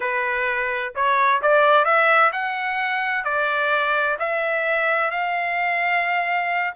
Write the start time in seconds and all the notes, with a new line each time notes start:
0.00 B4
0.95 C#5
1.42 D5
1.84 E5
2.32 F#5
3.24 D5
4.19 E5
5.10 F5